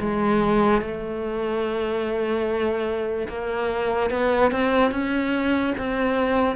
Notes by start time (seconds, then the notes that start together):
0.00 G#3
0.81 A3
3.28 A#3
4.11 B3
4.52 C4
4.92 C#4
5.78 C4